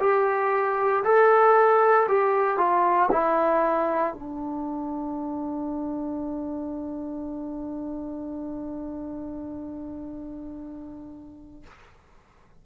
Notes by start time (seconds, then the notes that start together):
0.00 G4
1.03 A4
2.08 G4
2.58 F4
3.12 E4
4.14 D4